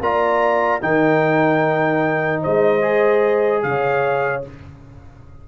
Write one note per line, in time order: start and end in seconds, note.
0.00 0.81 A#3
0.00 0.81 F4
0.00 0.82 D5
0.00 0.82 A#5
0.81 2.44 D#3
0.81 2.81 D#4
0.81 2.41 A#4
0.81 2.42 G5
2.41 3.63 G#3
2.41 3.62 C5
2.41 3.62 D#5
2.81 4.42 G#4
3.62 4.44 C#3
3.62 4.48 C#5
3.62 4.43 F5